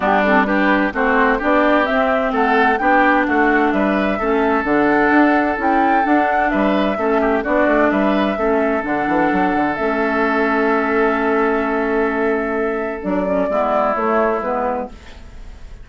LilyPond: <<
  \new Staff \with { instrumentName = "flute" } { \time 4/4 \tempo 4 = 129 g'8 a'8 b'4 c''4 d''4 | e''4 fis''4 g''4 fis''4 | e''2 fis''2 | g''4 fis''4 e''2 |
d''4 e''2 fis''4~ | fis''4 e''2.~ | e''1 | d''2 cis''4 b'4 | }
  \new Staff \with { instrumentName = "oboe" } { \time 4/4 d'4 g'4 fis'4 g'4~ | g'4 a'4 g'4 fis'4 | b'4 a'2.~ | a'2 b'4 a'8 g'8 |
fis'4 b'4 a'2~ | a'1~ | a'1~ | a'4 e'2. | }
  \new Staff \with { instrumentName = "clarinet" } { \time 4/4 b8 c'8 d'4 c'4 d'4 | c'2 d'2~ | d'4 cis'4 d'2 | e'4 d'2 cis'4 |
d'2 cis'4 d'4~ | d'4 cis'2.~ | cis'1 | d'8 cis'8 b4 a4 b4 | }
  \new Staff \with { instrumentName = "bassoon" } { \time 4/4 g2 a4 b4 | c'4 a4 b4 a4 | g4 a4 d4 d'4 | cis'4 d'4 g4 a4 |
b8 a8 g4 a4 d8 e8 | fis8 d8 a2.~ | a1 | fis4 gis4 a4 gis4 | }
>>